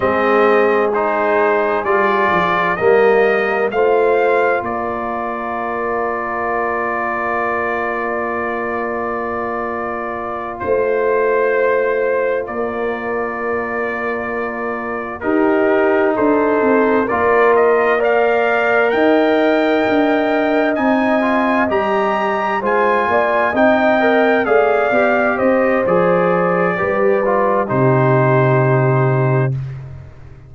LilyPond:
<<
  \new Staff \with { instrumentName = "trumpet" } { \time 4/4 \tempo 4 = 65 dis''4 c''4 d''4 dis''4 | f''4 d''2.~ | d''2.~ d''8 c''8~ | c''4. d''2~ d''8~ |
d''8 ais'4 c''4 d''8 dis''8 f''8~ | f''8 g''2 gis''4 ais''8~ | ais''8 gis''4 g''4 f''4 dis''8 | d''2 c''2 | }
  \new Staff \with { instrumentName = "horn" } { \time 4/4 gis'2. ais'4 | c''4 ais'2.~ | ais'2.~ ais'8 c''8~ | c''4. ais'2~ ais'8~ |
ais'8 g'4 a'4 ais'4 d''8~ | d''8 dis''2.~ dis''8~ | dis''8 c''8 d''8 dis''4 d''4 c''8~ | c''4 b'4 g'2 | }
  \new Staff \with { instrumentName = "trombone" } { \time 4/4 c'4 dis'4 f'4 ais4 | f'1~ | f'1~ | f'1~ |
f'8 dis'2 f'4 ais'8~ | ais'2~ ais'8 dis'8 f'8 g'8~ | g'8 f'4 dis'8 ais'8 gis'8 g'4 | gis'4 g'8 f'8 dis'2 | }
  \new Staff \with { instrumentName = "tuba" } { \time 4/4 gis2 g8 f8 g4 | a4 ais2.~ | ais2.~ ais8 a8~ | a4. ais2~ ais8~ |
ais8 dis'4 d'8 c'8 ais4.~ | ais8 dis'4 d'4 c'4 g8~ | g8 gis8 ais8 c'4 a8 b8 c'8 | f4 g4 c2 | }
>>